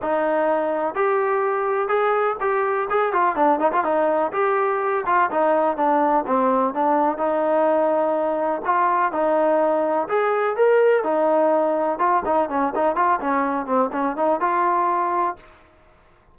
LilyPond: \new Staff \with { instrumentName = "trombone" } { \time 4/4 \tempo 4 = 125 dis'2 g'2 | gis'4 g'4 gis'8 f'8 d'8 dis'16 f'16 | dis'4 g'4. f'8 dis'4 | d'4 c'4 d'4 dis'4~ |
dis'2 f'4 dis'4~ | dis'4 gis'4 ais'4 dis'4~ | dis'4 f'8 dis'8 cis'8 dis'8 f'8 cis'8~ | cis'8 c'8 cis'8 dis'8 f'2 | }